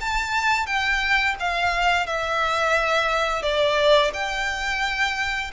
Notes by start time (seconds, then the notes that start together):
0.00 A5
0.66 G5
1.39 F5
2.06 E5
3.42 D5
4.13 G5